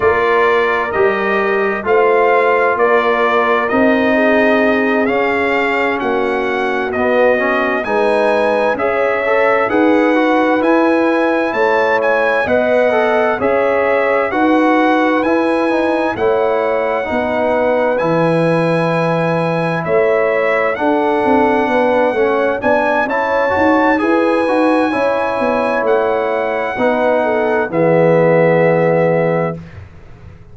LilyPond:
<<
  \new Staff \with { instrumentName = "trumpet" } { \time 4/4 \tempo 4 = 65 d''4 dis''4 f''4 d''4 | dis''4. f''4 fis''4 dis''8~ | dis''8 gis''4 e''4 fis''4 gis''8~ | gis''8 a''8 gis''8 fis''4 e''4 fis''8~ |
fis''8 gis''4 fis''2 gis''8~ | gis''4. e''4 fis''4.~ | fis''8 gis''8 a''4 gis''2 | fis''2 e''2 | }
  \new Staff \with { instrumentName = "horn" } { \time 4/4 ais'2 c''4 ais'4~ | ais'8 gis'2 fis'4.~ | fis'8 b'4 cis''4 b'4.~ | b'8 cis''4 dis''4 cis''4 b'8~ |
b'4. cis''4 b'4.~ | b'4. cis''4 a'4 b'8 | cis''8 d''8 cis''4 b'4 cis''4~ | cis''4 b'8 a'8 gis'2 | }
  \new Staff \with { instrumentName = "trombone" } { \time 4/4 f'4 g'4 f'2 | dis'4. cis'2 b8 | cis'8 dis'4 gis'8 a'8 gis'8 fis'8 e'8~ | e'4. b'8 a'8 gis'4 fis'8~ |
fis'8 e'8 dis'8 e'4 dis'4 e'8~ | e'2~ e'8 d'4. | cis'8 d'8 e'8 fis'8 gis'8 fis'8 e'4~ | e'4 dis'4 b2 | }
  \new Staff \with { instrumentName = "tuba" } { \time 4/4 ais4 g4 a4 ais4 | c'4. cis'4 ais4 b8~ | b8 gis4 cis'4 dis'4 e'8~ | e'8 a4 b4 cis'4 dis'8~ |
dis'8 e'4 a4 b4 e8~ | e4. a4 d'8 c'8 b8 | a8 b8 cis'8 dis'8 e'8 dis'8 cis'8 b8 | a4 b4 e2 | }
>>